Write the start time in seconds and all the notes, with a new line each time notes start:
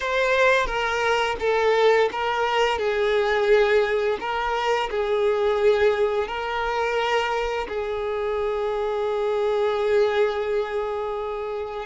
0.00 C5
0.66 A#4
1.40 A4
2.12 A#4
2.78 G#4
4.20 A#4
4.90 G#4
6.27 A#4
7.67 G#4